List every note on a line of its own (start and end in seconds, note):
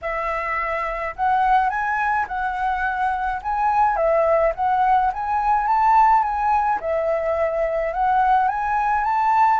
0.01 1.14 E5
1.16 1.69 F#5
1.69 2.26 G#5
2.27 3.41 F#5
3.42 3.96 G#5
3.96 4.53 E5
4.55 5.11 F#5
5.13 5.67 G#5
5.67 6.22 A5
6.22 6.79 G#5
6.80 7.93 E5
7.93 8.48 F#5
8.48 9.04 G#5
9.04 9.60 A5